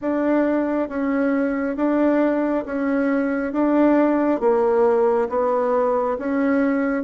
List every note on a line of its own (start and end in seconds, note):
0.01 0.88 D4
0.88 1.76 C#4
1.76 2.64 D4
2.65 3.53 C#4
3.53 4.40 D4
4.40 5.28 A#3
5.29 6.17 B3
6.18 7.03 C#4